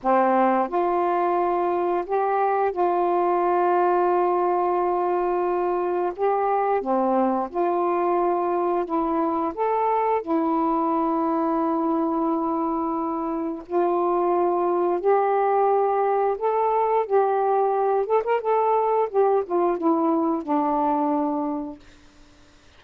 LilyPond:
\new Staff \with { instrumentName = "saxophone" } { \time 4/4 \tempo 4 = 88 c'4 f'2 g'4 | f'1~ | f'4 g'4 c'4 f'4~ | f'4 e'4 a'4 e'4~ |
e'1 | f'2 g'2 | a'4 g'4. a'16 ais'16 a'4 | g'8 f'8 e'4 d'2 | }